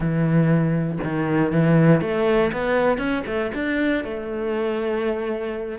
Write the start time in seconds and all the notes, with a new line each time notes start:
0.00 E3
1.03 D#3
1.52 E3
2.01 A3
2.52 B3
2.98 C#4
3.26 A3
3.54 D4
4.04 A3